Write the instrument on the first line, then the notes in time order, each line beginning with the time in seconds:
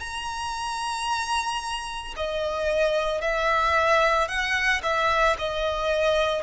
violin
0.00 A#5
2.16 D#5
3.21 E5
4.28 F#5
4.83 E5
5.38 D#5